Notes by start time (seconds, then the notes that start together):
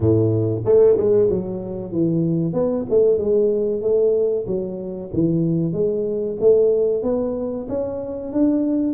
0.00 A2
0.65 A3
0.97 G#3
1.29 F#3
1.91 E3
2.53 B3
2.89 A3
3.17 G#3
3.82 A3
4.46 F#3
5.13 E3
5.72 G#3
6.40 A3
7.02 B3
7.69 C#4
8.33 D4